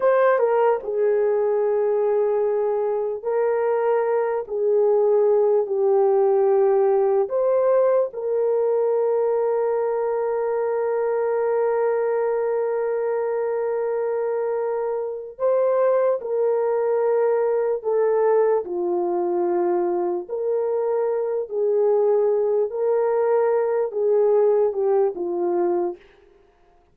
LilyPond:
\new Staff \with { instrumentName = "horn" } { \time 4/4 \tempo 4 = 74 c''8 ais'8 gis'2. | ais'4. gis'4. g'4~ | g'4 c''4 ais'2~ | ais'1~ |
ais'2. c''4 | ais'2 a'4 f'4~ | f'4 ais'4. gis'4. | ais'4. gis'4 g'8 f'4 | }